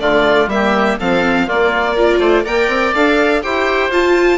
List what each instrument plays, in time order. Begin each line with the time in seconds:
0.00 bassoon D3, viola A3, oboe F4, violin D5
0.47 bassoon G3, viola A#3, violin E5
0.54 oboe G4
0.99 bassoon F3, viola C4, oboe A4, violin F5
1.47 viola A#3, bassoon A#3, oboe F4, violin D5
1.96 viola F4, oboe A#4
2.19 bassoon A3, oboe C5
2.44 bassoon A#3, viola A#4, oboe D5, violin G5
2.68 bassoon C4
2.94 bassoon D4, viola A4, violin F5
3.42 bassoon E4, viola G4, oboe C5, violin G5
3.90 bassoon F4, viola F4, violin A5